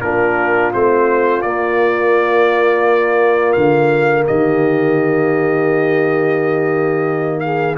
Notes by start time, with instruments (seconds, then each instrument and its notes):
0.00 tuba A#3, trombone D4, horn F4, trumpet A#4
0.73 tuba A3, trombone C4, trumpet C5
1.41 tuba A#3, trombone A#3, trumpet D5
3.52 tuba D3, trumpet F5
4.26 tuba D#3, horn G4, trumpet D#5
7.40 horn G#4, trumpet F5